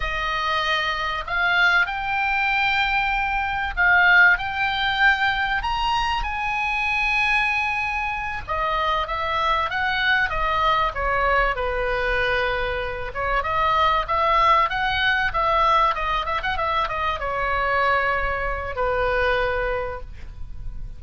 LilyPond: \new Staff \with { instrumentName = "oboe" } { \time 4/4 \tempo 4 = 96 dis''2 f''4 g''4~ | g''2 f''4 g''4~ | g''4 ais''4 gis''2~ | gis''4. dis''4 e''4 fis''8~ |
fis''8 dis''4 cis''4 b'4.~ | b'4 cis''8 dis''4 e''4 fis''8~ | fis''8 e''4 dis''8 e''16 fis''16 e''8 dis''8 cis''8~ | cis''2 b'2 | }